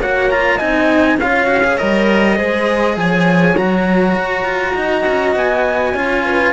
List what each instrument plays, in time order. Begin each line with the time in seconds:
0.00 cello A#3 F#4, horn C#5, trumpet F#5
0.30 cello F4, trumpet A#5
0.56 cello C4 D#4, horn D#5, trumpet G#5
1.17 cello C#4 F4, horn C#5, trumpet F5
1.47 cello F#4
1.64 cello G#4
1.78 cello G3 A#4, trumpet D#5
2.36 cello G#3 G#4, horn C5
2.97 cello F3, horn C#5, trumpet G#5
3.57 cello F#3 F#4, trumpet A#5
4.16 cello F#4
4.45 cello F4
4.75 cello D#4, horn D#5
5.07 cello C#4
5.36 cello B3, trumpet G#5
5.93 cello C#4 F4, horn C#5
6.25 horn B4